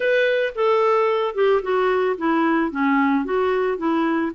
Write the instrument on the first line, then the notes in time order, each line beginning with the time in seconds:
clarinet
0.00 B4
0.55 A4
1.34 G4
1.62 F#4
2.17 E4
2.71 C#4
3.24 F#4
3.77 E4